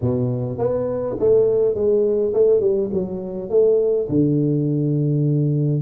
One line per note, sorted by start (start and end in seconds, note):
0.01 0.57 B2
0.57 1.16 B3
1.19 1.74 A3
1.74 2.32 G#3
2.33 2.60 A3
2.60 2.89 G3
2.93 3.49 F#3
3.49 4.08 A3
4.08 5.81 D3